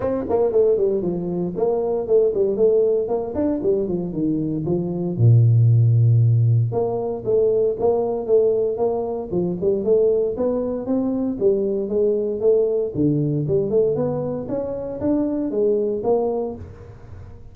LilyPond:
\new Staff \with { instrumentName = "tuba" } { \time 4/4 \tempo 4 = 116 c'8 ais8 a8 g8 f4 ais4 | a8 g8 a4 ais8 d'8 g8 f8 | dis4 f4 ais,2~ | ais,4 ais4 a4 ais4 |
a4 ais4 f8 g8 a4 | b4 c'4 g4 gis4 | a4 d4 g8 a8 b4 | cis'4 d'4 gis4 ais4 | }